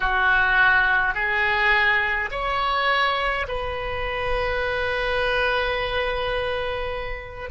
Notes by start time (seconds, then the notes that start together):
0.00 F#4
1.14 G#4
2.31 C#5
3.48 B4